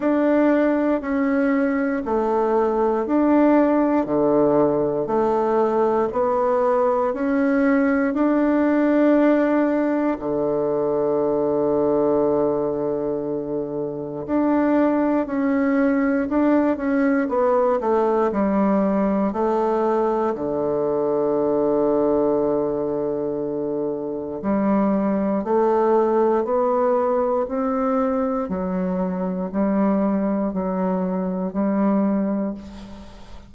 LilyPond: \new Staff \with { instrumentName = "bassoon" } { \time 4/4 \tempo 4 = 59 d'4 cis'4 a4 d'4 | d4 a4 b4 cis'4 | d'2 d2~ | d2 d'4 cis'4 |
d'8 cis'8 b8 a8 g4 a4 | d1 | g4 a4 b4 c'4 | fis4 g4 fis4 g4 | }